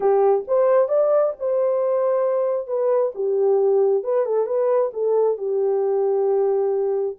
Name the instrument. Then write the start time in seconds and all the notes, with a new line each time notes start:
horn
0.00 G4
0.47 C5
0.88 D5
1.39 C5
2.67 B4
3.14 G4
4.03 B4
4.25 A4
4.46 B4
4.93 A4
5.37 G4